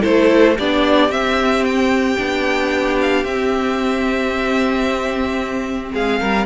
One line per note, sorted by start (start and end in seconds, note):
0.00 0.58 A3
0.00 0.54 E4
0.00 0.54 A4
0.00 0.57 C5
0.56 1.08 B3
0.56 1.09 D4
0.56 5.92 G4
0.56 1.11 D5
1.08 2.16 C4
1.08 1.64 E5
1.64 2.98 G5
2.17 3.23 B3
2.17 3.24 D4
3.01 3.24 F5
3.23 5.91 C4
3.23 6.46 C4
3.23 5.92 E5
5.93 6.20 G#3
5.93 6.20 G#4
5.93 6.46 F5
6.20 6.46 G3
6.20 6.46 A#4